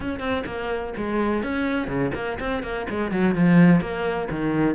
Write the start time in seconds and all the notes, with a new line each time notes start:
0.00 C#4
0.19 C4
0.46 A#3
0.96 G#3
1.43 C#4
1.87 C#3
2.14 A#3
2.39 C4
2.62 A#3
2.89 G#3
3.11 F#3
3.34 F3
3.80 A#3
4.30 D#3